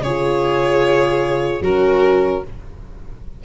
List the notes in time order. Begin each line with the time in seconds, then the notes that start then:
0.00 C#3 F4 G#4 C#5
1.61 F#3 C#4 F#4 A#4